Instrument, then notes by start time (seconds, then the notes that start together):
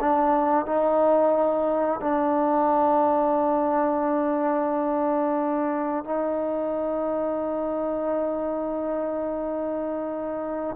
trombone
0.00 D4
0.65 D#4
2.00 D4
6.04 D#4